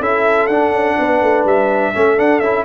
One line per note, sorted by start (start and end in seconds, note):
0.00 0.48 C#4
0.00 0.50 E4
0.00 0.97 A4
0.00 0.47 E5
0.47 0.72 D4
0.47 1.94 D4
0.47 1.44 F#5
0.72 0.96 C#4
0.97 1.22 B3
0.97 1.94 B4
1.22 1.45 A3
1.45 1.93 G3
1.45 2.19 E5
1.94 2.19 A3
1.94 2.18 C#4
1.94 2.65 A4
2.18 2.42 D4
2.18 2.41 D4
2.18 2.40 F#5
2.40 2.65 C#4
2.40 2.65 E4
2.40 2.64 E5